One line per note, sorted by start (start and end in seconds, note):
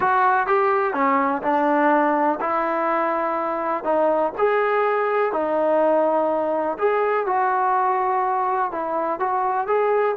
0.00 0.46 F#4
0.46 0.93 G4
0.93 1.42 C#4
1.42 2.39 D4
2.40 3.84 E4
3.84 4.32 D#4
4.38 5.32 G#4
5.32 6.77 D#4
6.78 7.26 G#4
7.26 8.71 F#4
8.71 9.19 E4
9.19 9.67 F#4
9.67 10.15 G#4